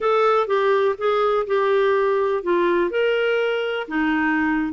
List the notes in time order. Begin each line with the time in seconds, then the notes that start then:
0.00 A4
0.47 G4
0.98 G#4
1.46 G4
2.43 F4
2.90 A#4
3.88 D#4